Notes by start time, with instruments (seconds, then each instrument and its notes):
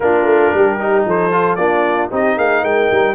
0.00 tuba A#3, trombone D4, horn F4, trumpet A#4
0.24 tuba A3
0.53 tuba G3, horn G4
0.79 trombone D#4
1.05 tuba F3, horn A4, trumpet C5
1.31 trombone F4
1.55 tuba A#3, trombone D4, horn F4, trumpet D5
2.10 tuba C4, trombone D#4, horn G4, trumpet D#5
2.36 tuba A#3, horn G#4, trumpet F5
2.63 tuba G#3, horn A#4, trumpet G5
2.91 tuba G3